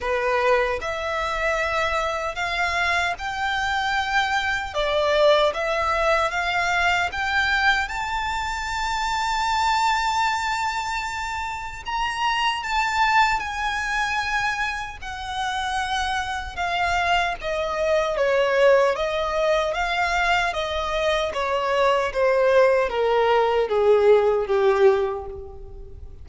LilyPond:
\new Staff \with { instrumentName = "violin" } { \time 4/4 \tempo 4 = 76 b'4 e''2 f''4 | g''2 d''4 e''4 | f''4 g''4 a''2~ | a''2. ais''4 |
a''4 gis''2 fis''4~ | fis''4 f''4 dis''4 cis''4 | dis''4 f''4 dis''4 cis''4 | c''4 ais'4 gis'4 g'4 | }